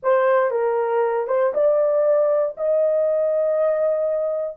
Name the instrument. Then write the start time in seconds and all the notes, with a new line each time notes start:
horn
0.02 C5
0.50 A#4
1.27 C5
1.54 D5
2.57 D#5